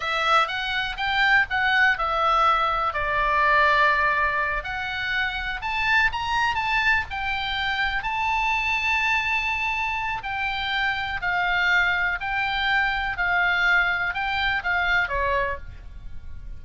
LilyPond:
\new Staff \with { instrumentName = "oboe" } { \time 4/4 \tempo 4 = 123 e''4 fis''4 g''4 fis''4 | e''2 d''2~ | d''4. fis''2 a''8~ | a''8 ais''4 a''4 g''4.~ |
g''8 a''2.~ a''8~ | a''4 g''2 f''4~ | f''4 g''2 f''4~ | f''4 g''4 f''4 cis''4 | }